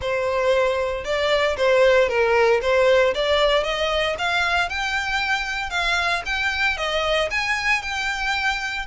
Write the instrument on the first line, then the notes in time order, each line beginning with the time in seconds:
violin
0.01 C5
1.04 D5
1.57 C5
2.08 A#4
2.61 C5
3.14 D5
3.63 D#5
4.18 F5
4.69 G5
5.70 F5
6.25 G5
6.77 D#5
7.30 G#5
7.82 G5